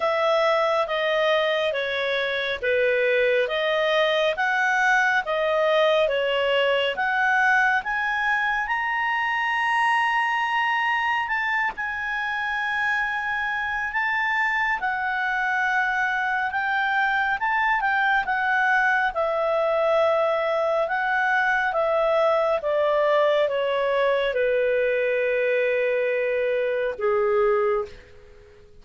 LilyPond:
\new Staff \with { instrumentName = "clarinet" } { \time 4/4 \tempo 4 = 69 e''4 dis''4 cis''4 b'4 | dis''4 fis''4 dis''4 cis''4 | fis''4 gis''4 ais''2~ | ais''4 a''8 gis''2~ gis''8 |
a''4 fis''2 g''4 | a''8 g''8 fis''4 e''2 | fis''4 e''4 d''4 cis''4 | b'2. gis'4 | }